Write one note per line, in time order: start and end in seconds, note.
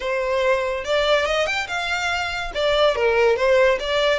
0.00 0.84 C5
0.84 1.25 D5
1.25 1.46 D#5
1.46 1.67 G5
1.67 2.51 F5
2.54 2.95 D5
2.95 3.36 A#4
3.36 3.78 C5
3.79 4.19 D5